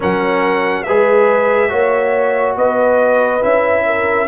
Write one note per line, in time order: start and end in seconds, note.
0.00 0.87 F#3
0.00 0.86 C#4
0.00 0.84 A#4
0.00 0.83 F#5
0.83 1.71 G#3
0.83 1.69 G#4
0.83 1.70 B4
0.83 2.54 E5
1.69 2.56 A#3
1.69 3.40 F#4
1.69 2.55 C#5
2.56 3.42 B3
2.56 3.85 B4
2.56 3.42 D#5
3.42 4.27 C#4
3.42 4.27 E4
3.42 4.27 E5
3.86 4.27 A#4